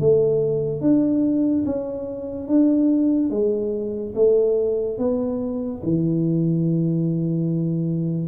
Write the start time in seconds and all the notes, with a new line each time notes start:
0.00 A3
0.82 D4
1.66 C#4
2.48 D4
3.31 G#3
4.16 A3
4.99 B3
5.84 E3